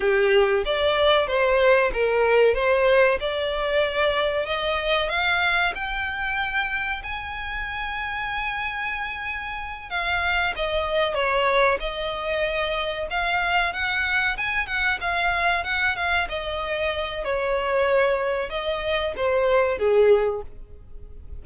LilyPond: \new Staff \with { instrumentName = "violin" } { \time 4/4 \tempo 4 = 94 g'4 d''4 c''4 ais'4 | c''4 d''2 dis''4 | f''4 g''2 gis''4~ | gis''2.~ gis''8 f''8~ |
f''8 dis''4 cis''4 dis''4.~ | dis''8 f''4 fis''4 gis''8 fis''8 f''8~ | f''8 fis''8 f''8 dis''4. cis''4~ | cis''4 dis''4 c''4 gis'4 | }